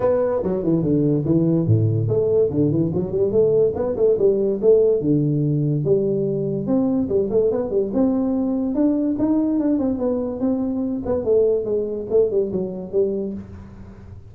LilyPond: \new Staff \with { instrumentName = "tuba" } { \time 4/4 \tempo 4 = 144 b4 fis8 e8 d4 e4 | a,4 a4 d8 e8 fis8 g8 | a4 b8 a8 g4 a4 | d2 g2 |
c'4 g8 a8 b8 g8 c'4~ | c'4 d'4 dis'4 d'8 c'8 | b4 c'4. b8 a4 | gis4 a8 g8 fis4 g4 | }